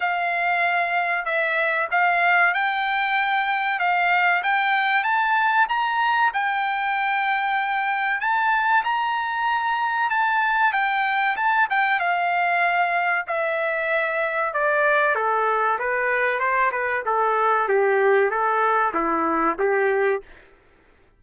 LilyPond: \new Staff \with { instrumentName = "trumpet" } { \time 4/4 \tempo 4 = 95 f''2 e''4 f''4 | g''2 f''4 g''4 | a''4 ais''4 g''2~ | g''4 a''4 ais''2 |
a''4 g''4 a''8 g''8 f''4~ | f''4 e''2 d''4 | a'4 b'4 c''8 b'8 a'4 | g'4 a'4 e'4 g'4 | }